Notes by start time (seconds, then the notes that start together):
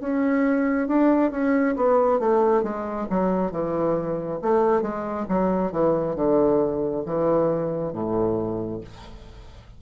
0.00 C#4
0.88 D4
1.31 C#4
1.76 B3
2.19 A3
2.63 G#3
3.10 F#3
3.51 E3
4.42 A3
4.81 G#3
5.28 F#3
5.72 E3
6.15 D3
7.05 E3
7.93 A2